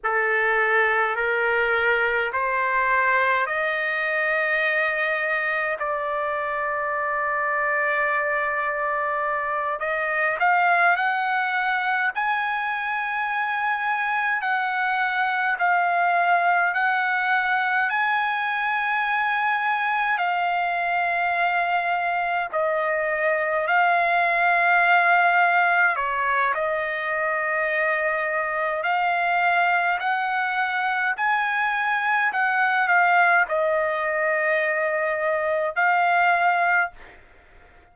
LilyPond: \new Staff \with { instrumentName = "trumpet" } { \time 4/4 \tempo 4 = 52 a'4 ais'4 c''4 dis''4~ | dis''4 d''2.~ | d''8 dis''8 f''8 fis''4 gis''4.~ | gis''8 fis''4 f''4 fis''4 gis''8~ |
gis''4. f''2 dis''8~ | dis''8 f''2 cis''8 dis''4~ | dis''4 f''4 fis''4 gis''4 | fis''8 f''8 dis''2 f''4 | }